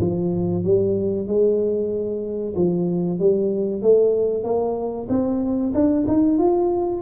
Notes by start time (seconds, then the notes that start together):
0.00 F3
0.64 G3
1.27 G#3
2.56 F3
3.19 G3
3.82 A3
4.44 A#3
5.09 C4
5.74 D4
6.08 D#4
6.38 F4